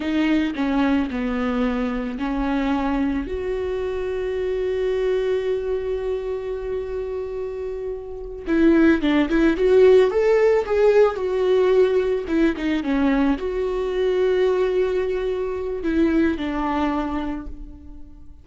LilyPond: \new Staff \with { instrumentName = "viola" } { \time 4/4 \tempo 4 = 110 dis'4 cis'4 b2 | cis'2 fis'2~ | fis'1~ | fis'2.~ fis'8 e'8~ |
e'8 d'8 e'8 fis'4 a'4 gis'8~ | gis'8 fis'2 e'8 dis'8 cis'8~ | cis'8 fis'2.~ fis'8~ | fis'4 e'4 d'2 | }